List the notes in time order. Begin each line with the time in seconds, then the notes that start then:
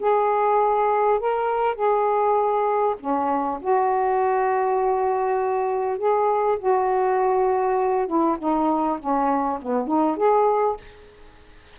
0.00 G#4
1.20 A#4
1.76 G#4
3.00 C#4
3.61 F#4
5.99 G#4
6.59 F#4
8.08 E4
8.39 D#4
8.99 C#4
9.62 B3
9.88 D#4
10.17 G#4